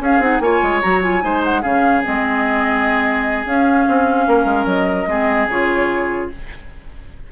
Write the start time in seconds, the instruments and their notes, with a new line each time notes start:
0.00 bassoon C#4, clarinet C#4, oboe G#4, flute F5
0.19 bassoon C4, clarinet D#4, flute F#5
0.40 bassoon A#3, clarinet F4, oboe C#5, flute G#5
0.62 bassoon G#3
0.82 bassoon F#3, clarinet F#4, flute A#5
1.02 clarinet F4, flute G#5
1.21 bassoon G#3, clarinet D#4, oboe C5
1.44 flute F#5
1.62 bassoon C#3, clarinet C#4, oboe G#4, flute F5
2.03 bassoon G#3, clarinet C4, flute D#5
3.45 bassoon C#4, clarinet C#4, flute F5
3.88 bassoon C4
4.27 bassoon A#3, oboe A#4
4.45 bassoon G#3
4.65 bassoon F#3, flute D#5
5.07 bassoon G#3, clarinet C4, oboe G#4
5.48 bassoon C#3, clarinet F4, flute C#5